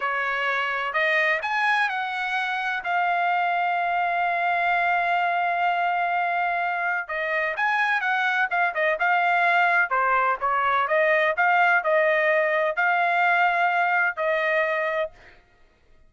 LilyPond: \new Staff \with { instrumentName = "trumpet" } { \time 4/4 \tempo 4 = 127 cis''2 dis''4 gis''4 | fis''2 f''2~ | f''1~ | f''2. dis''4 |
gis''4 fis''4 f''8 dis''8 f''4~ | f''4 c''4 cis''4 dis''4 | f''4 dis''2 f''4~ | f''2 dis''2 | }